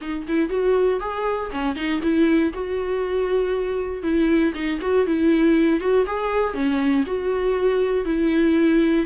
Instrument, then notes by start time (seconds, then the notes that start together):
viola
0.01 D#4
0.27 E4
0.49 F#4
1.00 G#4
1.51 C#4
1.75 D#4
2.02 E4
2.53 F#4
4.02 E4
4.54 D#4
4.81 F#4
5.06 E4
5.80 F#4
6.06 G#4
6.53 C#4
7.06 F#4
8.05 E4